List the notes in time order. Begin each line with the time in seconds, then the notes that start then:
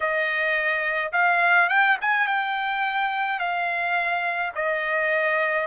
0.00 D#5
1.12 F5
1.69 G5
2.01 G#5
2.26 G5
3.39 F5
4.55 D#5